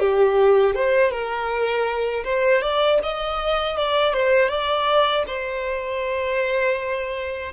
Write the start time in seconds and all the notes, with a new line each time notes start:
0.00 G4
0.75 C5
1.12 A#4
2.25 C5
2.62 D5
3.03 D#5
3.77 D5
4.14 C5
4.49 D5
5.27 C5